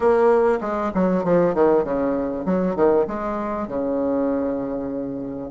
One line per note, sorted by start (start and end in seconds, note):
0.00 0.59 A#3
0.61 0.91 G#3
0.94 1.24 F#3
1.24 1.54 F3
1.54 1.84 D#3
1.84 2.45 C#3
2.45 2.75 F#3
2.75 3.06 D#3
3.07 3.67 G#3
3.67 5.50 C#3